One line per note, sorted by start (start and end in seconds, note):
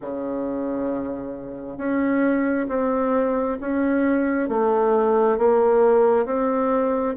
0.01 1.77 C#3
1.77 2.67 C#4
2.68 3.58 C4
3.60 4.49 C#4
4.49 5.37 A3
5.37 6.25 A#3
6.25 7.15 C4